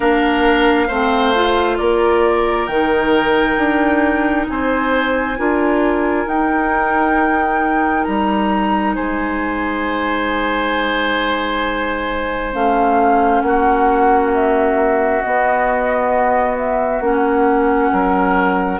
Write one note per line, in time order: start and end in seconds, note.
0.00 0.89 A#3
0.00 0.88 D4
0.00 0.87 A#4
0.00 1.77 F5
0.87 1.79 A3
0.87 1.35 C4
0.87 1.77 C5
1.35 2.69 F4
1.77 2.67 A#3
1.77 4.47 A#4
1.77 2.66 D5
2.66 3.57 D#3
2.66 5.37 D#4
2.66 4.45 G5
3.57 4.46 D4
4.48 5.38 C4
4.48 5.38 C5
4.48 6.27 G#5
5.37 6.26 D4
5.37 6.27 F4
5.37 8.95 A#4
6.26 8.05 D#4
6.26 12.52 D#4
6.26 8.04 G5
8.04 8.96 G3
8.04 8.93 A#5
8.95 12.54 G#3
8.95 13.43 C5
8.95 12.53 G#5
12.52 13.42 A3
12.52 15.21 C#4
12.52 13.41 F5
13.41 15.21 A#3
13.41 17.91 F#4
13.41 14.30 F#5
14.33 15.21 E5
15.21 17.01 B3
15.21 17.00 B3
15.21 16.56 D#5
16.57 17.02 E5
17.00 17.90 A#3
17.00 18.79 C#4
17.00 18.79 F#5
17.91 18.79 F#3
17.91 18.79 A#4